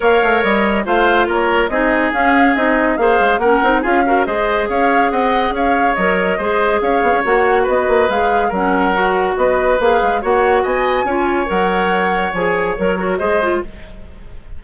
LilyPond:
<<
  \new Staff \with { instrumentName = "flute" } { \time 4/4 \tempo 4 = 141 f''4 dis''4 f''4 cis''4 | dis''4 f''4 dis''4 f''4 | fis''4 f''4 dis''4 f''4 | fis''4 f''4 dis''2 |
f''4 fis''4 dis''4 f''4 | fis''2 dis''4 f''4 | fis''4 gis''2 fis''4~ | fis''4 gis''4 cis''4 dis''4 | }
  \new Staff \with { instrumentName = "oboe" } { \time 4/4 cis''2 c''4 ais'4 | gis'2. c''4 | ais'4 gis'8 ais'8 c''4 cis''4 | dis''4 cis''2 c''4 |
cis''2 b'2 | ais'2 b'2 | cis''4 dis''4 cis''2~ | cis''2~ cis''8 ais'8 c''4 | }
  \new Staff \with { instrumentName = "clarinet" } { \time 4/4 ais'2 f'2 | dis'4 cis'4 dis'4 gis'4 | cis'8 dis'8 f'8 fis'8 gis'2~ | gis'2 ais'4 gis'4~ |
gis'4 fis'2 gis'4 | cis'4 fis'2 gis'4 | fis'2 f'4 ais'4~ | ais'4 gis'4 ais'8 fis'8 gis'8 f'8 | }
  \new Staff \with { instrumentName = "bassoon" } { \time 4/4 ais8 a8 g4 a4 ais4 | c'4 cis'4 c'4 ais8 gis8 | ais8 c'8 cis'4 gis4 cis'4 | c'4 cis'4 fis4 gis4 |
cis'8 b16 cis'16 ais4 b8 ais8 gis4 | fis2 b4 ais8 gis8 | ais4 b4 cis'4 fis4~ | fis4 f4 fis4 gis4 | }
>>